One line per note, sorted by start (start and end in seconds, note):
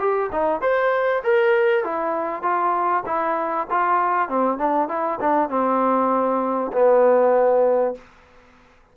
0.00 0.31 G4
0.32 0.62 D#4
0.62 1.23 C5
1.24 1.85 A#4
1.85 2.43 E4
2.43 3.04 F4
3.06 3.67 E4
3.71 4.29 F4
4.29 4.58 C4
4.58 4.89 D4
4.89 5.20 E4
5.21 5.50 D4
5.50 6.72 C4
6.73 7.95 B3